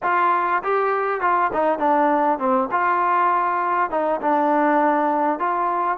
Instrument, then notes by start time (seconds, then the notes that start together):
trombone
0.02 F4
0.63 G4
1.21 F4
1.53 D#4
1.78 D4
2.38 C4
2.71 F4
3.90 D#4
4.21 D4
5.39 F4